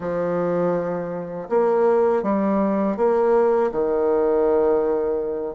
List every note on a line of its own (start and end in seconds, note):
0.00 1.48 F3
1.49 2.23 A#3
2.23 2.96 G3
2.96 3.70 A#3
3.71 5.55 D#3